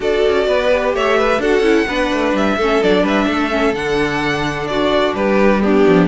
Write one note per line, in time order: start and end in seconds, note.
0.00 0.24 D4
0.00 0.70 F#4
0.00 0.47 A4
0.00 0.94 D5
0.26 0.47 C#4
0.47 0.93 B3
0.47 0.95 B4
0.70 1.41 G4
0.93 1.38 A3
0.93 1.17 C#5
0.93 1.41 E5
1.17 1.40 B4
1.38 1.60 D4
1.38 1.63 F#4
1.38 1.86 A4
1.38 2.35 F#5
1.60 1.83 C#4
1.60 1.86 E4
1.86 2.11 B3
1.86 2.59 D4
1.86 2.56 B4
2.12 2.33 A3
2.33 2.56 G3
2.33 2.83 E5
2.57 2.80 A3
2.57 2.83 C#4
2.57 3.03 A4
2.83 3.02 F#3
2.83 3.50 D4
2.83 3.06 D5
3.02 3.25 G3
3.02 3.26 B4
3.02 3.74 E5
3.27 3.73 A3
3.27 4.69 A4
3.50 3.73 C#4
3.73 5.13 D3
3.73 5.61 D4
3.73 4.67 F#5
4.67 5.16 F#4
4.67 5.14 D5
5.14 5.84 G3
5.14 5.63 G4
5.14 5.61 B4
5.61 6.07 B3
5.61 6.07 D4
5.61 6.07 G4
5.87 6.07 F3